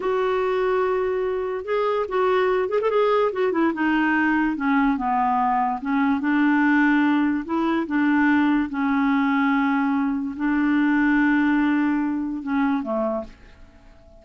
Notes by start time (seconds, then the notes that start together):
0.00 F#4
1.64 G#4
2.08 F#4
2.69 G#4
2.81 A4
2.90 G#4
3.32 F#4
3.52 E4
3.73 D#4
4.56 C#4
4.97 B3
5.81 C#4
6.20 D4
7.45 E4
7.86 D4
8.69 C#4
10.36 D4
12.42 C#4
12.82 A3